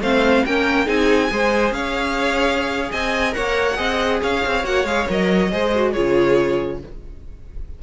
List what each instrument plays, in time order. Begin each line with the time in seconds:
0.00 cello A3, viola C4, violin C5 F5
0.46 cello A#3, viola C#4, violin A#4 G5
0.86 cello C4, viola D#4, violin G#4 G#5
1.30 cello G#3, viola G#4, violin C5
1.71 cello C#4, violin C#5 F5
2.92 cello C4, violin D#5 G#5
3.32 cello A#3, viola A#4, violin C#5 F#5
3.76 cello C4, viola G#4, violin D#5
4.22 cello C#4, violin C#5 F5
4.46 cello C4
4.64 cello A#3, viola F#4, violin F#5
4.85 cello G#3, viola G#4, violin F5
5.08 cello F#3, viola A#4, violin D#5
5.52 cello G#3, viola G#4, violin C5
5.75 viola F#4
5.92 cello C#3, viola F4, violin G#4 C#5